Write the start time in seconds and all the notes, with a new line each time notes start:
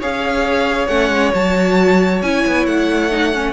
0.00 C#4 G#4 C#5 F5
0.87 A3 C#4 F#5
1.09 G#3
1.34 F#3 F#4 A5
2.22 C#4 E4 G#5
2.46 B3
2.66 A3 F#5
3.10 D#4
3.33 C#4